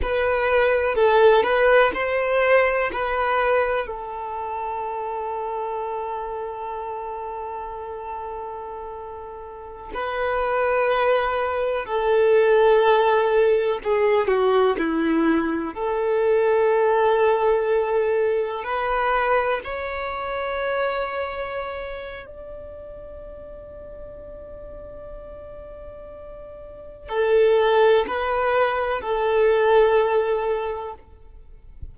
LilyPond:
\new Staff \with { instrumentName = "violin" } { \time 4/4 \tempo 4 = 62 b'4 a'8 b'8 c''4 b'4 | a'1~ | a'2~ a'16 b'4.~ b'16~ | b'16 a'2 gis'8 fis'8 e'8.~ |
e'16 a'2. b'8.~ | b'16 cis''2~ cis''8. d''4~ | d''1 | a'4 b'4 a'2 | }